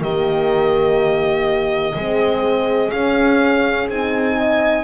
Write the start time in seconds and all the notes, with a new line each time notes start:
0.00 D#3 A#3 G4 D#5
1.95 G#3 C4 G#4
2.91 C#4 F5
3.88 C4 D#4 G#5
4.37 D#5